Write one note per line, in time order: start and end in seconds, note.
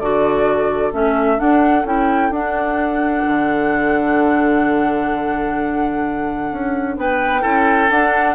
0.00 0.93 D3
0.00 0.93 F#4
0.00 6.98 A4
0.00 0.93 D5
0.93 1.40 A3
0.93 1.38 C#4
0.93 1.40 E5
1.38 1.84 D4
1.38 1.85 D4
1.38 1.86 F#5
1.85 2.30 C#4
1.85 2.32 E4
1.85 2.33 G5
2.30 3.23 D4
2.30 7.42 D4
2.30 6.98 F#5
3.26 6.52 D3
6.52 6.97 C#4
6.97 7.44 B3
6.97 7.42 B4
6.97 7.91 G5
7.42 7.90 C#4
7.42 7.88 E4
7.42 8.35 A4
7.90 8.35 D4
7.90 8.35 F#5